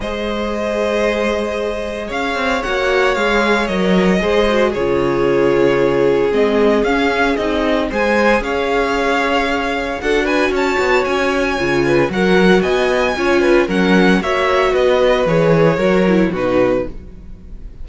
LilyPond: <<
  \new Staff \with { instrumentName = "violin" } { \time 4/4 \tempo 4 = 114 dis''1 | f''4 fis''4 f''4 dis''4~ | dis''4 cis''2. | dis''4 f''4 dis''4 gis''4 |
f''2. fis''8 gis''8 | a''4 gis''2 fis''4 | gis''2 fis''4 e''4 | dis''4 cis''2 b'4 | }
  \new Staff \with { instrumentName = "violin" } { \time 4/4 c''1 | cis''1 | c''4 gis'2.~ | gis'2. c''4 |
cis''2. a'8 b'8 | cis''2~ cis''8 b'8 ais'4 | dis''4 cis''8 b'8 ais'4 cis''4 | b'2 ais'4 fis'4 | }
  \new Staff \with { instrumentName = "viola" } { \time 4/4 gis'1~ | gis'4 fis'4 gis'4 ais'4 | gis'8 fis'8 f'2. | c'4 cis'4 dis'4 gis'4~ |
gis'2. fis'4~ | fis'2 f'4 fis'4~ | fis'4 f'4 cis'4 fis'4~ | fis'4 gis'4 fis'8 e'8 dis'4 | }
  \new Staff \with { instrumentName = "cello" } { \time 4/4 gis1 | cis'8 c'8 ais4 gis4 fis4 | gis4 cis2. | gis4 cis'4 c'4 gis4 |
cis'2. d'4 | cis'8 b8 cis'4 cis4 fis4 | b4 cis'4 fis4 ais4 | b4 e4 fis4 b,4 | }
>>